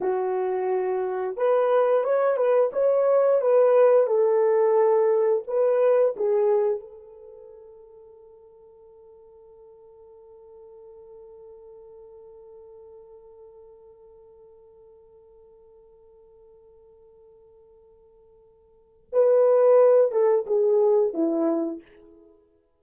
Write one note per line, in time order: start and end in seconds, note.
0.00 1.36 F#4
1.36 2.04 B4
2.04 2.36 C#5
2.36 2.71 B4
2.73 3.41 C#5
3.41 4.06 B4
4.06 5.43 A4
5.47 6.15 B4
6.16 6.80 G#4
6.80 19.07 A4
19.12 20.11 B4
20.11 20.45 A4
20.46 21.13 G#4
21.13 21.81 E4